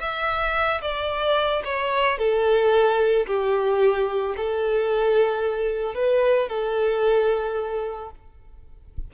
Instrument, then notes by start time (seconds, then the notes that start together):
violin
0.00 E5
0.82 D5
1.65 C#5
2.19 A4
3.27 G4
4.37 A4
5.95 B4
6.49 A4